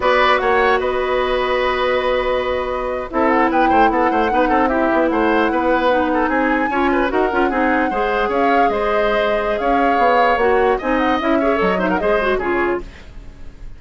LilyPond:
<<
  \new Staff \with { instrumentName = "flute" } { \time 4/4 \tempo 4 = 150 d''4 fis''4 dis''2~ | dis''2.~ dis''8. e''16~ | e''16 fis''8 g''4 fis''2 e''16~ | e''8. fis''2. gis''16~ |
gis''4.~ gis''16 fis''2~ fis''16~ | fis''8. f''4 dis''2~ dis''16 | f''2 fis''4 gis''8 fis''8 | e''4 dis''8 e''16 fis''16 dis''4 cis''4 | }
  \new Staff \with { instrumentName = "oboe" } { \time 4/4 b'4 cis''4 b'2~ | b'2.~ b'8. a'16~ | a'8. b'8 c''8 a'8 c''8 b'8 a'8 g'16~ | g'8. c''4 b'4. a'8 gis'16~ |
gis'8. cis''8 b'8 ais'4 gis'4 c''16~ | c''8. cis''4 c''2~ c''16 | cis''2. dis''4~ | dis''8 cis''4 c''16 ais'16 c''4 gis'4 | }
  \new Staff \with { instrumentName = "clarinet" } { \time 4/4 fis'1~ | fis'2.~ fis'8. e'16~ | e'2~ e'8. dis'4 e'16~ | e'2~ e'8. dis'4~ dis'16~ |
dis'8. f'4 fis'8 f'8 dis'4 gis'16~ | gis'1~ | gis'2 fis'4 dis'4 | e'8 gis'8 a'8 dis'8 gis'8 fis'8 f'4 | }
  \new Staff \with { instrumentName = "bassoon" } { \time 4/4 b4 ais4 b2~ | b2.~ b8. c'16~ | c'8. b8 a8 b8 a8 b8 c'8.~ | c'16 b8 a4 b2 c'16~ |
c'8. cis'4 dis'8 cis'8 c'4 gis16~ | gis8. cis'4 gis2~ gis16 | cis'4 b4 ais4 c'4 | cis'4 fis4 gis4 cis4 | }
>>